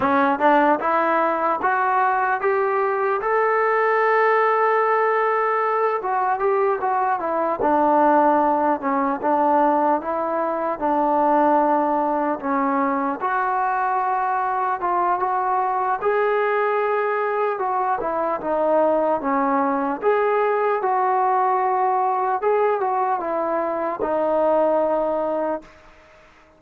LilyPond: \new Staff \with { instrumentName = "trombone" } { \time 4/4 \tempo 4 = 75 cis'8 d'8 e'4 fis'4 g'4 | a'2.~ a'8 fis'8 | g'8 fis'8 e'8 d'4. cis'8 d'8~ | d'8 e'4 d'2 cis'8~ |
cis'8 fis'2 f'8 fis'4 | gis'2 fis'8 e'8 dis'4 | cis'4 gis'4 fis'2 | gis'8 fis'8 e'4 dis'2 | }